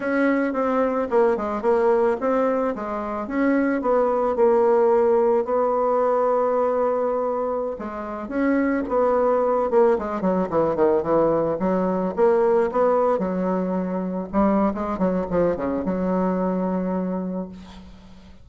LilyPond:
\new Staff \with { instrumentName = "bassoon" } { \time 4/4 \tempo 4 = 110 cis'4 c'4 ais8 gis8 ais4 | c'4 gis4 cis'4 b4 | ais2 b2~ | b2~ b16 gis4 cis'8.~ |
cis'16 b4. ais8 gis8 fis8 e8 dis16~ | dis16 e4 fis4 ais4 b8.~ | b16 fis2 g8. gis8 fis8 | f8 cis8 fis2. | }